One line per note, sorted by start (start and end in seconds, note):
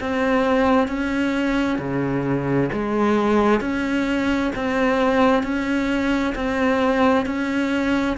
0.00 0.88 C4
0.88 1.79 C#4
1.79 2.69 C#3
2.73 3.60 G#3
3.60 4.51 C#4
4.55 5.43 C4
5.43 6.34 C#4
6.35 7.26 C4
7.26 8.17 C#4